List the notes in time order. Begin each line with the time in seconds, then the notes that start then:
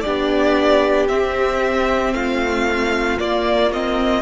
0.00 D4 G4 D5
0.06 B3
1.08 C4 E5
2.13 A3 F4 F5
3.18 A#3 D5
3.72 C4 D#5